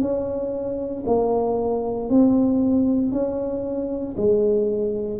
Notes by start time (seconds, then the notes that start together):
0.00 C#4
1.06 A#3
2.09 C4
3.12 C#4
4.17 G#3